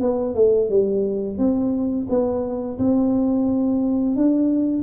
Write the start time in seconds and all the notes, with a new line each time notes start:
0.00 B3
0.34 A3
0.69 G3
1.38 C4
2.09 B3
2.78 C4
4.15 D4